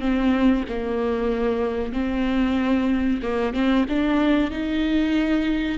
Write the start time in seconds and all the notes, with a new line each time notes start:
0.00 C4
0.69 A#3
1.93 C4
3.22 A#3
3.54 C4
3.89 D4
4.51 D#4